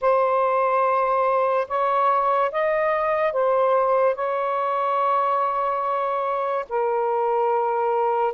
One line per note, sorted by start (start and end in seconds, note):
0.01 1.67 C5
1.67 2.51 C#5
2.51 3.33 D#5
3.33 4.15 C5
4.15 6.65 C#5
6.69 8.33 A#4